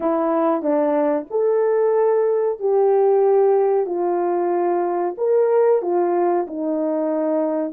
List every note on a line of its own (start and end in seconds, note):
0.00 0.61 E4
0.61 1.26 D4
1.30 2.59 A4
2.59 3.86 G4
3.86 5.15 F4
5.17 5.82 A#4
5.82 6.46 F4
6.47 7.73 D#4